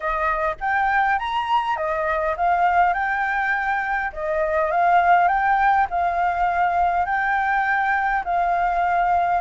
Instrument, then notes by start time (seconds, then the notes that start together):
flute
0.00 D#5
0.60 G5
1.18 A#5
1.76 D#5
2.36 F5
2.93 G5
4.13 D#5
4.71 F5
5.28 G5
5.90 F5
7.05 G5
8.24 F5